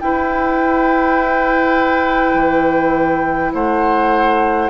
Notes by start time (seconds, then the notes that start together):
0.00 E4 B4 G5
2.35 E3
3.54 A3 C5 F#5